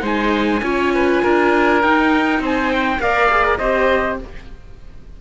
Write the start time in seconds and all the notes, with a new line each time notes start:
0.00 G#3 D#4 C5 G#5
0.63 C#4 F4 C#5
0.95 B4
1.23 D4 A#4
1.83 D#4 G5
2.39 C4 C5 G#5
2.73 G5
3.00 A#3 A#4 D5 F5
3.31 G#4
3.44 A#4
3.58 C4 G4 C5 D#5